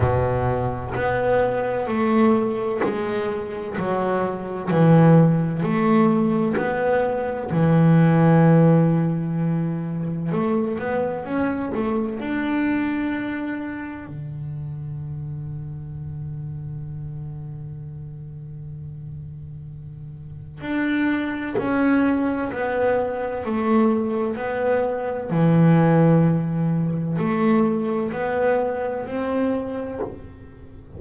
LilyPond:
\new Staff \with { instrumentName = "double bass" } { \time 4/4 \tempo 4 = 64 b,4 b4 a4 gis4 | fis4 e4 a4 b4 | e2. a8 b8 | cis'8 a8 d'2 d4~ |
d1~ | d2 d'4 cis'4 | b4 a4 b4 e4~ | e4 a4 b4 c'4 | }